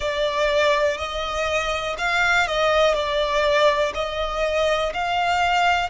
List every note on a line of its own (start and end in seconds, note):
0.00 0.97 D5
0.97 1.95 D#5
1.98 2.47 F5
2.47 2.93 D#5
2.93 3.92 D5
3.94 4.92 D#5
4.93 5.89 F5